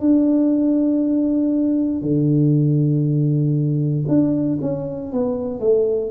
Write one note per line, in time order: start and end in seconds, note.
0.00 2.01 D4
2.01 4.04 D3
4.08 4.59 D4
4.61 5.12 C#4
5.12 5.59 B3
5.59 6.10 A3